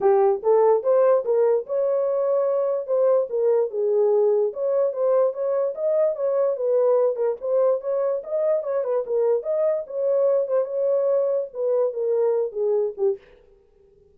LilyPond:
\new Staff \with { instrumentName = "horn" } { \time 4/4 \tempo 4 = 146 g'4 a'4 c''4 ais'4 | cis''2. c''4 | ais'4 gis'2 cis''4 | c''4 cis''4 dis''4 cis''4 |
b'4. ais'8 c''4 cis''4 | dis''4 cis''8 b'8 ais'4 dis''4 | cis''4. c''8 cis''2 | b'4 ais'4. gis'4 g'8 | }